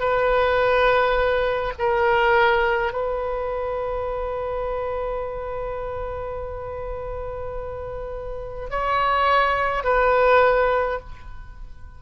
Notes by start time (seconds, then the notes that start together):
0.00 B4
1.79 A#4
2.93 B4
8.71 C#5
9.84 B4